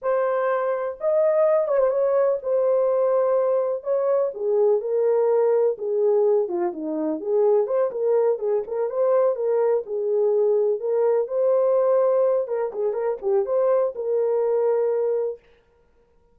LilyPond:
\new Staff \with { instrumentName = "horn" } { \time 4/4 \tempo 4 = 125 c''2 dis''4. cis''16 c''16 | cis''4 c''2. | cis''4 gis'4 ais'2 | gis'4. f'8 dis'4 gis'4 |
c''8 ais'4 gis'8 ais'8 c''4 ais'8~ | ais'8 gis'2 ais'4 c''8~ | c''2 ais'8 gis'8 ais'8 g'8 | c''4 ais'2. | }